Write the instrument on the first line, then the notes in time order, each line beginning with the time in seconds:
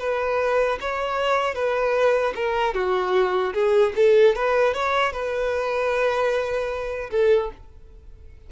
violin
0.00 B4
0.81 C#5
1.55 B4
2.36 A#4
2.75 F#4
3.54 G#4
3.96 A4
4.36 B4
4.74 C#5
5.13 B4
7.11 A4